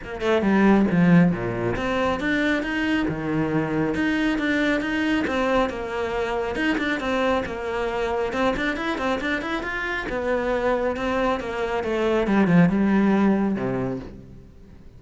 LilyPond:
\new Staff \with { instrumentName = "cello" } { \time 4/4 \tempo 4 = 137 ais8 a8 g4 f4 ais,4 | c'4 d'4 dis'4 dis4~ | dis4 dis'4 d'4 dis'4 | c'4 ais2 dis'8 d'8 |
c'4 ais2 c'8 d'8 | e'8 c'8 d'8 e'8 f'4 b4~ | b4 c'4 ais4 a4 | g8 f8 g2 c4 | }